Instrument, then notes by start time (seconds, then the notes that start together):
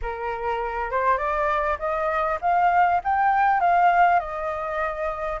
flute
0.01 A#4
0.90 C5
1.17 D5
1.78 D#5
2.41 F5
3.04 G5
3.60 F5
4.19 D#5